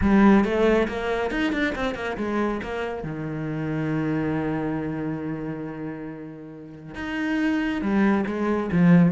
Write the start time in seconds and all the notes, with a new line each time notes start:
0.01 G3
0.44 A3
0.88 A#3
1.30 D#4
1.52 D4
1.75 C4
1.95 A#3
2.17 G#3
2.62 A#3
3.03 D#3
6.94 D#4
7.81 G3
8.26 G#3
8.72 F3